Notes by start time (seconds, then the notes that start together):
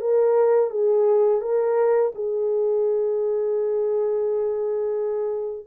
0.00 A#4
0.70 G#4
1.41 A#4
2.15 G#4